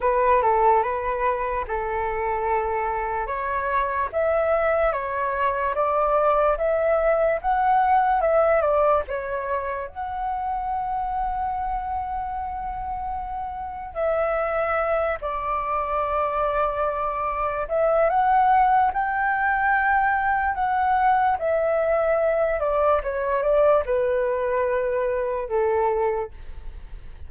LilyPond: \new Staff \with { instrumentName = "flute" } { \time 4/4 \tempo 4 = 73 b'8 a'8 b'4 a'2 | cis''4 e''4 cis''4 d''4 | e''4 fis''4 e''8 d''8 cis''4 | fis''1~ |
fis''4 e''4. d''4.~ | d''4. e''8 fis''4 g''4~ | g''4 fis''4 e''4. d''8 | cis''8 d''8 b'2 a'4 | }